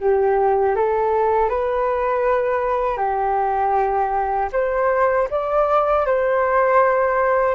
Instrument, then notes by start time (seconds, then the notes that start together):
flute
0.00 G4
0.76 A4
1.49 B4
2.97 G4
4.52 C5
5.30 D5
6.06 C5